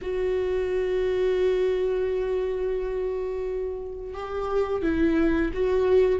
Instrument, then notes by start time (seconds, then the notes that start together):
viola
0.01 F#4
4.14 G4
4.82 E4
5.53 F#4